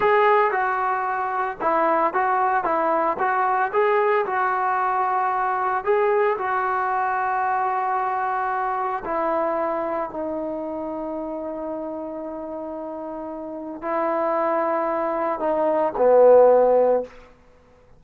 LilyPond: \new Staff \with { instrumentName = "trombone" } { \time 4/4 \tempo 4 = 113 gis'4 fis'2 e'4 | fis'4 e'4 fis'4 gis'4 | fis'2. gis'4 | fis'1~ |
fis'4 e'2 dis'4~ | dis'1~ | dis'2 e'2~ | e'4 dis'4 b2 | }